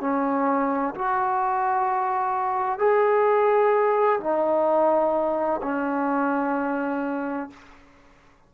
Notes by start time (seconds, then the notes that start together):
0.00 C#4
0.94 F#4
2.79 G#4
4.20 D#4
5.62 C#4